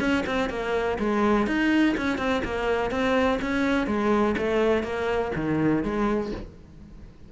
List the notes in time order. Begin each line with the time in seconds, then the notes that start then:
0.00 C#4
0.27 C4
0.50 A#3
0.99 G#3
1.47 D#4
1.97 C#4
2.18 C4
2.44 A#3
2.91 C4
3.42 C#4
3.87 G#3
4.38 A3
4.83 A#3
5.35 D#3
5.83 G#3